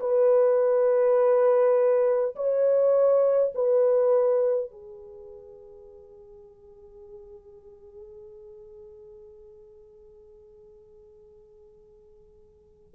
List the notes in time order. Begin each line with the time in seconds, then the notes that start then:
0.00 B4
2.35 C#5
3.55 B4
4.71 G#4